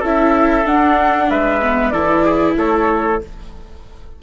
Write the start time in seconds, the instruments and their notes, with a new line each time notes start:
0.00 bassoon C#4, viola E4, trumpet A4, flute E5
0.65 viola D4, bassoon D4, flute F#5
1.30 bassoon G#3, trumpet B4, flute E5
1.62 viola B3
1.90 bassoon E3, viola E4, trumpet A4, flute D5
2.25 trumpet G#4
2.57 bassoon A3, trumpet A4, flute C#5